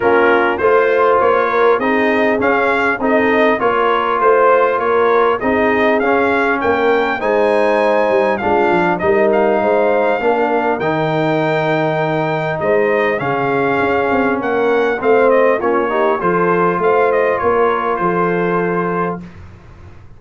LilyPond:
<<
  \new Staff \with { instrumentName = "trumpet" } { \time 4/4 \tempo 4 = 100 ais'4 c''4 cis''4 dis''4 | f''4 dis''4 cis''4 c''4 | cis''4 dis''4 f''4 g''4 | gis''2 f''4 dis''8 f''8~ |
f''2 g''2~ | g''4 dis''4 f''2 | fis''4 f''8 dis''8 cis''4 c''4 | f''8 dis''8 cis''4 c''2 | }
  \new Staff \with { instrumentName = "horn" } { \time 4/4 f'4 c''4. ais'8 gis'4~ | gis'4 a'4 ais'4 c''4 | ais'4 gis'2 ais'4 | c''2 f'4 ais'4 |
c''4 ais'2.~ | ais'4 c''4 gis'2 | ais'4 c''4 f'8 g'8 a'4 | c''4 ais'4 a'2 | }
  \new Staff \with { instrumentName = "trombone" } { \time 4/4 cis'4 f'2 dis'4 | cis'4 dis'4 f'2~ | f'4 dis'4 cis'2 | dis'2 d'4 dis'4~ |
dis'4 d'4 dis'2~ | dis'2 cis'2~ | cis'4 c'4 cis'8 dis'8 f'4~ | f'1 | }
  \new Staff \with { instrumentName = "tuba" } { \time 4/4 ais4 a4 ais4 c'4 | cis'4 c'4 ais4 a4 | ais4 c'4 cis'4 ais4 | gis4. g8 gis8 f8 g4 |
gis4 ais4 dis2~ | dis4 gis4 cis4 cis'8 c'8 | ais4 a4 ais4 f4 | a4 ais4 f2 | }
>>